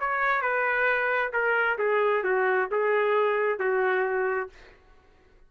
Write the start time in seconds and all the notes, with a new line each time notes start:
0.00 C#5
0.42 B4
1.33 A#4
1.79 G#4
2.24 F#4
2.71 G#4
3.59 F#4